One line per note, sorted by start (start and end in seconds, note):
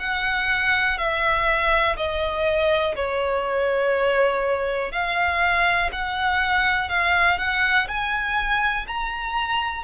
0.00 0.98 F#5
0.98 1.97 E5
1.97 2.96 D#5
2.96 4.92 C#5
4.92 5.91 F5
5.93 6.89 F#5
6.89 7.39 F5
7.39 7.88 F#5
7.88 8.87 G#5
8.88 9.84 A#5